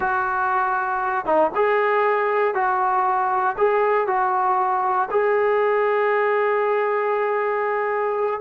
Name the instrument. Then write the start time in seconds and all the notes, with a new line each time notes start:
trombone
0.00 F#4
1.25 D#4
1.55 G#4
2.54 F#4
3.57 G#4
4.07 F#4
5.10 G#4